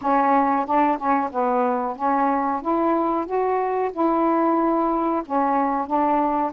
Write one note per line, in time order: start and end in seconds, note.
0.01 0.66 C#4
0.66 0.97 D4
0.97 1.30 C#4
1.31 1.96 B3
1.96 2.61 C#4
2.61 3.25 E4
3.25 3.91 F#4
3.92 5.22 E4
5.25 5.86 C#4
5.86 6.52 D4